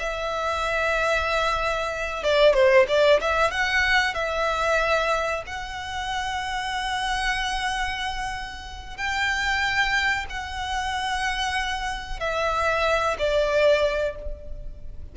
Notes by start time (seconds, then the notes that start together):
0.00 E5
2.24 D5
2.54 C5
2.89 D5
3.22 E5
3.52 F#5
4.15 E5
5.47 F#5
8.97 G5
10.30 F#5
12.20 E5
13.19 D5